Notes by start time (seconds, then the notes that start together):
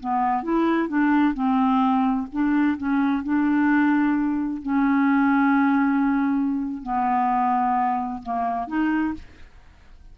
0.00 B3
0.43 E4
0.89 D4
1.34 C4
2.32 D4
2.78 C#4
3.24 D4
4.63 C#4
6.83 B3
8.23 A#3
8.68 D#4